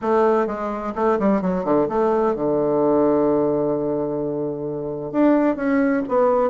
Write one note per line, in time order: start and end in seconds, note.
0.01 0.47 A3
0.47 0.93 G#3
0.95 1.18 A3
1.19 1.41 G3
1.41 1.64 F#3
1.64 1.87 D3
1.88 2.35 A3
2.35 5.12 D3
5.12 5.56 D4
5.56 6.02 C#4
6.08 6.50 B3